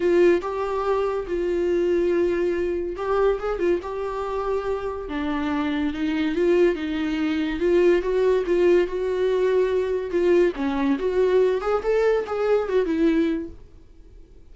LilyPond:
\new Staff \with { instrumentName = "viola" } { \time 4/4 \tempo 4 = 142 f'4 g'2 f'4~ | f'2. g'4 | gis'8 f'8 g'2. | d'2 dis'4 f'4 |
dis'2 f'4 fis'4 | f'4 fis'2. | f'4 cis'4 fis'4. gis'8 | a'4 gis'4 fis'8 e'4. | }